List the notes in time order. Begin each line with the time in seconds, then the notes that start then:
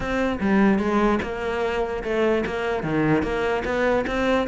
0.00 C4
0.40 G3
0.78 G#3
1.22 A#3
2.03 A3
2.45 A#3
2.83 D#3
3.22 A#3
3.64 B3
4.07 C4